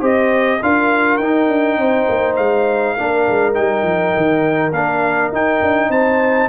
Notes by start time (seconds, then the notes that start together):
0.00 C4 G4 C5 D#5
0.62 D4 F4 A#4 F5
1.17 D#4 G5
1.48 D4
1.77 C4 C5
2.09 A#3
2.36 G#3 F5
2.96 A#3 D4 A#4
3.29 G#3
3.54 G3 D#4 G5
3.83 F3
4.17 D#3
4.72 A#3 D4 F5
5.32 D#4 G5
5.62 D4
5.89 C4 C5 A5